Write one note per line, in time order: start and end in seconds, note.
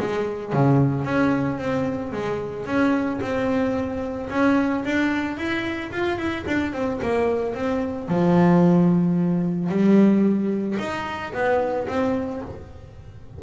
0.00 0.53 G#3
0.53 1.05 C#3
1.05 1.59 C#4
1.59 2.13 C4
2.13 2.66 G#3
2.66 3.20 C#4
3.22 4.30 C4
4.30 4.85 C#4
4.85 5.38 D4
5.38 5.92 E4
5.92 6.18 F4
6.18 6.45 E4
6.47 6.73 D4
6.73 7.00 C4
7.02 7.55 A#3
7.55 8.09 C4
8.09 9.70 F3
9.70 10.78 G3
10.79 11.33 D#4
11.33 11.87 B3
11.88 12.42 C4